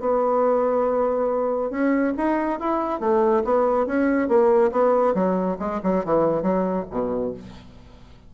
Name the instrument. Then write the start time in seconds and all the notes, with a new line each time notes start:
bassoon
0.00 B3
1.70 C#4
2.17 D#4
2.60 E4
3.00 A3
3.45 B3
3.86 C#4
4.28 A#3
4.72 B3
5.15 F#3
5.59 G#3
5.83 F#3
6.05 E3
6.43 F#3
6.91 B2